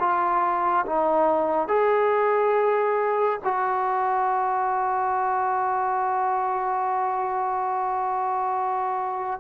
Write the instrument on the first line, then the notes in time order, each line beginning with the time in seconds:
trombone
0.00 F4
0.86 D#4
1.68 G#4
3.44 F#4